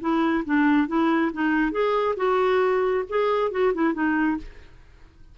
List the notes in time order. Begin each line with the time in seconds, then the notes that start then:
0.00 E4
0.45 D4
0.87 E4
1.33 D#4
1.71 G#4
2.16 F#4
3.09 G#4
3.51 F#4
3.74 E4
3.93 D#4